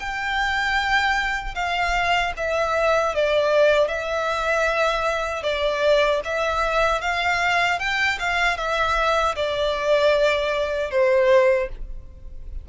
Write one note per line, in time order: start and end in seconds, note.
0.00 1.55 G5
1.55 2.33 F5
2.37 3.15 E5
3.15 3.88 D5
3.88 5.43 E5
5.43 6.21 D5
6.25 7.02 E5
7.02 7.80 F5
7.80 8.19 G5
8.20 8.57 F5
8.57 9.35 E5
9.36 10.91 D5
10.91 11.69 C5